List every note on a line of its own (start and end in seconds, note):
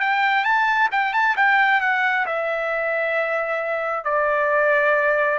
0.00 0.44 G5
0.44 0.89 A5
0.92 1.13 G5
1.13 1.36 A5
1.37 1.81 G5
1.81 2.26 F#5
2.26 4.04 E5
4.04 5.39 D5